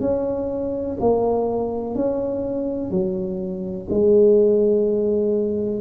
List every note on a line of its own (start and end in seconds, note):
0.00 0.97 C#4
1.00 1.95 A#3
1.95 2.90 C#4
2.90 3.87 F#3
3.90 5.81 G#3